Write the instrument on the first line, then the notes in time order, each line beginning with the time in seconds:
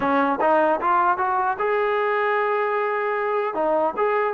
trombone
0.00 C#4
0.40 D#4
0.80 F4
1.17 F#4
1.58 G#4
3.54 D#4
3.96 G#4